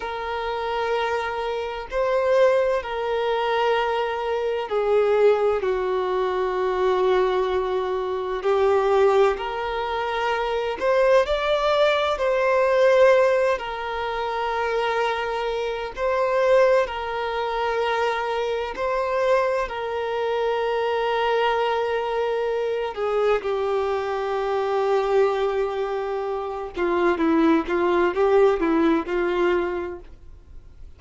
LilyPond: \new Staff \with { instrumentName = "violin" } { \time 4/4 \tempo 4 = 64 ais'2 c''4 ais'4~ | ais'4 gis'4 fis'2~ | fis'4 g'4 ais'4. c''8 | d''4 c''4. ais'4.~ |
ais'4 c''4 ais'2 | c''4 ais'2.~ | ais'8 gis'8 g'2.~ | g'8 f'8 e'8 f'8 g'8 e'8 f'4 | }